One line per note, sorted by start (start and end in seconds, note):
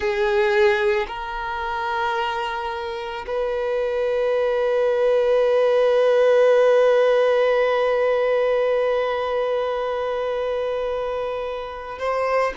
0.00 1.06 G#4
1.07 3.25 A#4
3.26 11.99 B4
11.99 12.53 C5